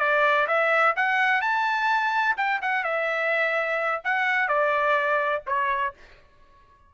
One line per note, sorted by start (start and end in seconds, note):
0.00 0.47 D5
0.48 0.95 E5
0.97 1.42 F#5
1.42 2.36 A5
2.38 2.61 G5
2.62 2.84 F#5
2.84 4.02 E5
4.05 4.49 F#5
4.49 5.43 D5
5.47 5.94 C#5